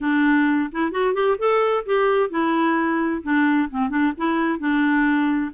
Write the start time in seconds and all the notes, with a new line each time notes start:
0.01 D4
0.72 E4
0.91 F#4
1.13 G4
1.38 A4
1.85 G4
2.30 E4
3.22 D4
3.70 C4
3.89 D4
4.17 E4
4.59 D4